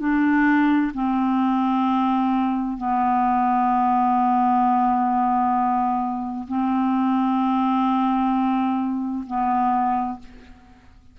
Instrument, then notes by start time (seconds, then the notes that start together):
clarinet
0.00 D4
0.94 C4
2.78 B3
6.48 C4
9.27 B3